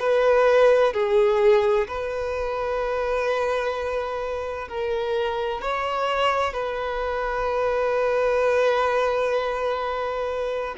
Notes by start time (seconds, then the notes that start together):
0.00 B4
0.93 G#4
1.87 B4
4.69 A#4
5.62 C#5
6.53 B4